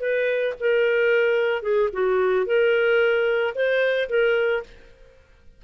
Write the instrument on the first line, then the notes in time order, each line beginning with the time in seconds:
clarinet
0.00 B4
0.60 A#4
1.62 G#4
1.93 F#4
2.46 A#4
3.55 C5
4.09 A#4